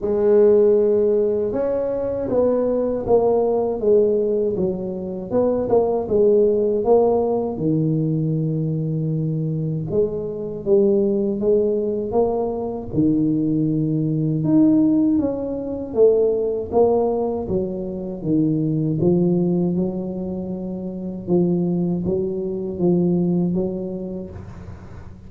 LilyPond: \new Staff \with { instrumentName = "tuba" } { \time 4/4 \tempo 4 = 79 gis2 cis'4 b4 | ais4 gis4 fis4 b8 ais8 | gis4 ais4 dis2~ | dis4 gis4 g4 gis4 |
ais4 dis2 dis'4 | cis'4 a4 ais4 fis4 | dis4 f4 fis2 | f4 fis4 f4 fis4 | }